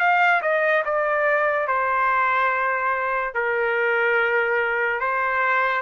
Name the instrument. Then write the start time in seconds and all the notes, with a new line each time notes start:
trumpet
0.00 F5
0.42 D#5
0.85 D5
1.68 C5
3.34 A#4
5.00 C5